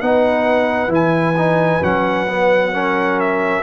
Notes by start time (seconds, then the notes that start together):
0.00 B3 D#4 B4 F#5
0.88 E3 E4 G#5
1.37 D#4
1.81 F#3 C#4 F#5
2.28 B3
2.72 C#4 A#4
3.19 E5